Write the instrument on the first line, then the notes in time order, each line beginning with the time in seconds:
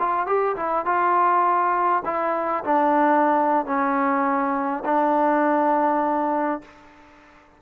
trombone
0.00 F4
0.27 G4
0.57 E4
0.86 F4
2.05 E4
2.65 D4
3.66 C#4
4.85 D4